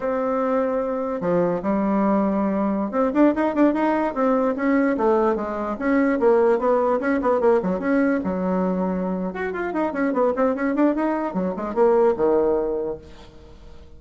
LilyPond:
\new Staff \with { instrumentName = "bassoon" } { \time 4/4 \tempo 4 = 148 c'2. f4 | g2.~ g16 c'8 d'16~ | d'16 dis'8 d'8 dis'4 c'4 cis'8.~ | cis'16 a4 gis4 cis'4 ais8.~ |
ais16 b4 cis'8 b8 ais8 fis8 cis'8.~ | cis'16 fis2~ fis8. fis'8 f'8 | dis'8 cis'8 b8 c'8 cis'8 d'8 dis'4 | fis8 gis8 ais4 dis2 | }